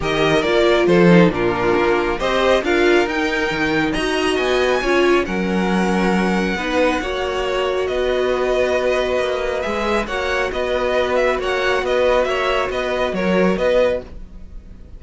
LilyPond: <<
  \new Staff \with { instrumentName = "violin" } { \time 4/4 \tempo 4 = 137 dis''4 d''4 c''4 ais'4~ | ais'4 dis''4 f''4 g''4~ | g''4 ais''4 gis''2 | fis''1~ |
fis''2 dis''2~ | dis''2 e''4 fis''4 | dis''4. e''8 fis''4 dis''4 | e''4 dis''4 cis''4 dis''4 | }
  \new Staff \with { instrumentName = "violin" } { \time 4/4 ais'2 a'4 f'4~ | f'4 c''4 ais'2~ | ais'4 dis''2 cis''4 | ais'2. b'4 |
cis''2 b'2~ | b'2. cis''4 | b'2 cis''4 b'4 | cis''4 b'4 ais'4 b'4 | }
  \new Staff \with { instrumentName = "viola" } { \time 4/4 g'4 f'4. dis'8 d'4~ | d'4 g'4 f'4 dis'4~ | dis'4 fis'2 f'4 | cis'2. dis'4 |
fis'1~ | fis'2 gis'4 fis'4~ | fis'1~ | fis'1 | }
  \new Staff \with { instrumentName = "cello" } { \time 4/4 dis4 ais4 f4 ais,4 | ais4 c'4 d'4 dis'4 | dis4 dis'4 b4 cis'4 | fis2. b4 |
ais2 b2~ | b4 ais4 gis4 ais4 | b2 ais4 b4 | ais4 b4 fis4 b4 | }
>>